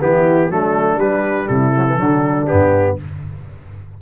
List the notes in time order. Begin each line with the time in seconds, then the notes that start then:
0.00 E3 B3 E4 G4
0.49 F#3 A3 D4 A4
0.96 G3 B4
1.47 C3 E4 A4
1.75 F#3
1.87 E3
1.96 D3 F#3 D4
2.46 G2 B3 G4